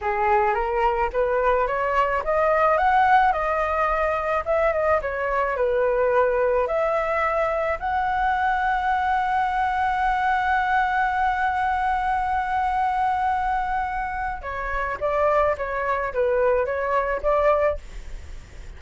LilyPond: \new Staff \with { instrumentName = "flute" } { \time 4/4 \tempo 4 = 108 gis'4 ais'4 b'4 cis''4 | dis''4 fis''4 dis''2 | e''8 dis''8 cis''4 b'2 | e''2 fis''2~ |
fis''1~ | fis''1~ | fis''2 cis''4 d''4 | cis''4 b'4 cis''4 d''4 | }